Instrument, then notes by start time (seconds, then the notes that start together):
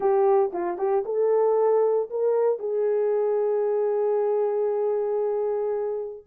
horn
0.00 G4
0.52 F4
0.78 G4
1.05 A4
2.10 A#4
2.59 G#4